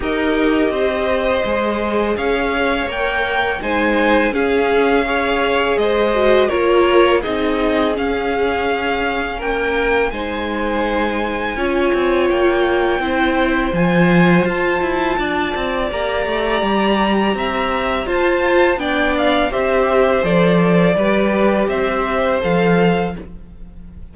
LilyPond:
<<
  \new Staff \with { instrumentName = "violin" } { \time 4/4 \tempo 4 = 83 dis''2. f''4 | g''4 gis''4 f''2 | dis''4 cis''4 dis''4 f''4~ | f''4 g''4 gis''2~ |
gis''4 g''2 gis''4 | a''2 ais''2~ | ais''4 a''4 g''8 f''8 e''4 | d''2 e''4 f''4 | }
  \new Staff \with { instrumentName = "violin" } { \time 4/4 ais'4 c''2 cis''4~ | cis''4 c''4 gis'4 cis''4 | c''4 ais'4 gis'2~ | gis'4 ais'4 c''2 |
cis''2 c''2~ | c''4 d''2. | e''4 c''4 d''4 c''4~ | c''4 b'4 c''2 | }
  \new Staff \with { instrumentName = "viola" } { \time 4/4 g'2 gis'2 | ais'4 dis'4 cis'4 gis'4~ | gis'8 fis'8 f'4 dis'4 cis'4~ | cis'2 dis'2 |
f'2 e'4 f'4~ | f'2 g'2~ | g'4 f'4 d'4 g'4 | a'4 g'2 a'4 | }
  \new Staff \with { instrumentName = "cello" } { \time 4/4 dis'4 c'4 gis4 cis'4 | ais4 gis4 cis'2 | gis4 ais4 c'4 cis'4~ | cis'4 ais4 gis2 |
cis'8 c'8 ais4 c'4 f4 | f'8 e'8 d'8 c'8 ais8 a8 g4 | c'4 f'4 b4 c'4 | f4 g4 c'4 f4 | }
>>